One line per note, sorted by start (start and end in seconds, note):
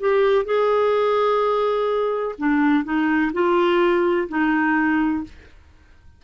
0.00 0.45 G4
0.45 2.35 G#4
2.39 2.85 D4
2.85 3.32 D#4
3.33 4.29 F4
4.29 5.24 D#4